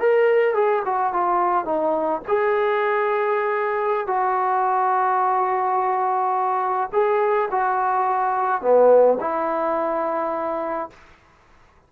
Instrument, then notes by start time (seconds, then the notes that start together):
trombone
0.00 A#4
0.55 G#4
0.86 F#4
1.13 F4
1.65 D#4
2.28 G#4
4.07 F#4
6.93 G#4
7.51 F#4
8.62 B3
9.21 E4